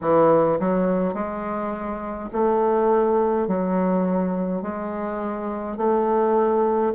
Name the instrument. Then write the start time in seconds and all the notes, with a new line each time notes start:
bassoon
0.01 E3
0.59 F#3
1.14 G#3
2.32 A3
3.47 F#3
4.62 G#3
5.77 A3